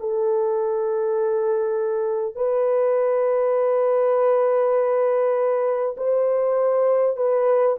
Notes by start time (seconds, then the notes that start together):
0.00 A4
2.35 B4
5.97 C5
7.16 B4